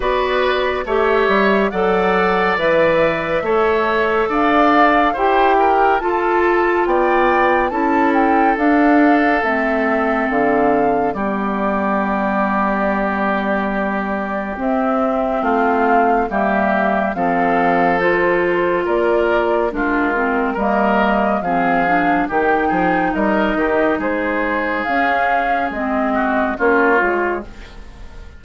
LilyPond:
<<
  \new Staff \with { instrumentName = "flute" } { \time 4/4 \tempo 4 = 70 d''4 e''4 fis''4 e''4~ | e''4 f''4 g''4 a''4 | g''4 a''8 g''8 f''4 e''4 | f''4 d''2.~ |
d''4 e''4 f''4 e''4 | f''4 c''4 d''4 ais'4 | dis''4 f''4 g''4 dis''4 | c''4 f''4 dis''4 cis''4 | }
  \new Staff \with { instrumentName = "oboe" } { \time 4/4 b'4 cis''4 d''2 | cis''4 d''4 c''8 ais'8 a'4 | d''4 a'2.~ | a'4 g'2.~ |
g'2 f'4 g'4 | a'2 ais'4 f'4 | ais'4 gis'4 g'8 gis'8 ais'8 g'8 | gis'2~ gis'8 fis'8 f'4 | }
  \new Staff \with { instrumentName = "clarinet" } { \time 4/4 fis'4 g'4 a'4 b'4 | a'2 g'4 f'4~ | f'4 e'4 d'4 c'4~ | c'4 b2.~ |
b4 c'2 ais4 | c'4 f'2 d'8 c'8 | ais4 c'8 d'8 dis'2~ | dis'4 cis'4 c'4 cis'8 f'8 | }
  \new Staff \with { instrumentName = "bassoon" } { \time 4/4 b4 a8 g8 fis4 e4 | a4 d'4 e'4 f'4 | b4 cis'4 d'4 a4 | d4 g2.~ |
g4 c'4 a4 g4 | f2 ais4 gis4 | g4 f4 dis8 f8 g8 dis8 | gis4 cis'4 gis4 ais8 gis8 | }
>>